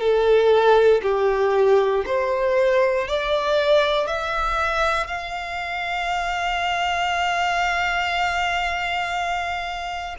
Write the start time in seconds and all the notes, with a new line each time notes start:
0.00 A4
1.03 G4
2.06 C5
3.08 D5
4.07 E5
5.07 F5